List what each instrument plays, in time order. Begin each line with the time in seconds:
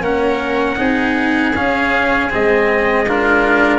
0.00 tuba A#3, cello C#4, oboe A#4, trumpet F#5
0.76 tuba C4, cello D#4, oboe G#4
1.55 tuba C#4, cello C#4, trumpet F5
2.30 tuba G#3, cello C4, trumpet D#5
3.07 cello D4, oboe F4, trumpet A#4